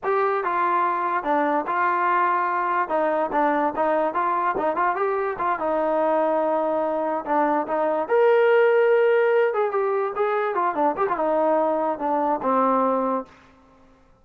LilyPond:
\new Staff \with { instrumentName = "trombone" } { \time 4/4 \tempo 4 = 145 g'4 f'2 d'4 | f'2. dis'4 | d'4 dis'4 f'4 dis'8 f'8 | g'4 f'8 dis'2~ dis'8~ |
dis'4. d'4 dis'4 ais'8~ | ais'2. gis'8 g'8~ | g'8 gis'4 f'8 d'8 g'16 f'16 dis'4~ | dis'4 d'4 c'2 | }